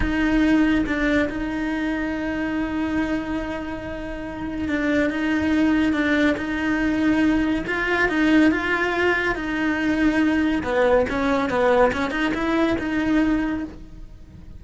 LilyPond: \new Staff \with { instrumentName = "cello" } { \time 4/4 \tempo 4 = 141 dis'2 d'4 dis'4~ | dis'1~ | dis'2. d'4 | dis'2 d'4 dis'4~ |
dis'2 f'4 dis'4 | f'2 dis'2~ | dis'4 b4 cis'4 b4 | cis'8 dis'8 e'4 dis'2 | }